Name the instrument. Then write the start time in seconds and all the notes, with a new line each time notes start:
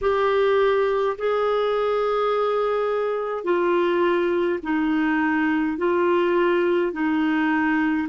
clarinet
0.01 G4
1.18 G#4
3.44 F4
4.63 D#4
5.77 F4
6.92 D#4